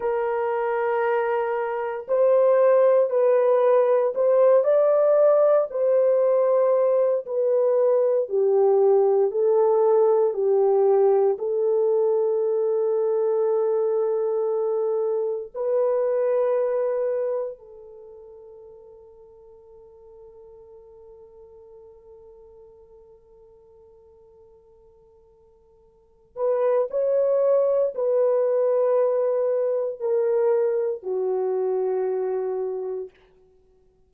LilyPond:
\new Staff \with { instrumentName = "horn" } { \time 4/4 \tempo 4 = 58 ais'2 c''4 b'4 | c''8 d''4 c''4. b'4 | g'4 a'4 g'4 a'4~ | a'2. b'4~ |
b'4 a'2.~ | a'1~ | a'4. b'8 cis''4 b'4~ | b'4 ais'4 fis'2 | }